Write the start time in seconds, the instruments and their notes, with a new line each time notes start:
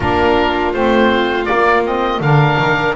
0.00 double bass A#3, saxophone D4, violin F4, oboe A#4
0.73 double bass A3, saxophone C4, oboe C5
1.45 saxophone A#3, oboe D5
1.51 double bass A#3
1.84 saxophone C4, oboe D#5
2.20 double bass D3, saxophone D4, violin A#4, oboe F5
2.57 double bass D#3